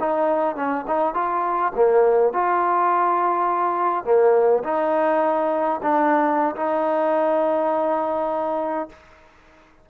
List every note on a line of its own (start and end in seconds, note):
0.00 0.56 D#4
0.56 0.86 C#4
0.88 1.15 D#4
1.15 1.73 F4
1.76 2.33 A#3
2.33 4.05 F4
4.05 4.63 A#3
4.64 5.81 D#4
5.83 6.56 D4
6.56 8.89 D#4